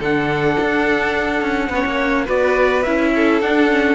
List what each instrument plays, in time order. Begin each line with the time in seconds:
0.00 cello D3, viola D4, violin A4, trumpet F#5
0.60 cello D4
1.42 cello C#4
1.70 cello B3, viola C#4, violin C#5
1.86 cello A#3
2.25 cello B3, viola F#4, violin B4, trumpet D5
2.83 cello C#4, viola E4, trumpet E5
3.16 violin A4
3.42 cello D4, viola D4, trumpet F#5
3.70 viola C#4